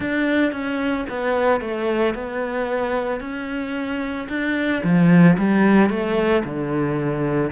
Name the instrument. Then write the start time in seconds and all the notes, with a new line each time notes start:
cello
0.00 D4
0.52 C#4
1.09 B3
1.61 A3
2.14 B3
3.20 C#4
4.29 D4
4.83 F3
5.38 G3
5.89 A3
6.44 D3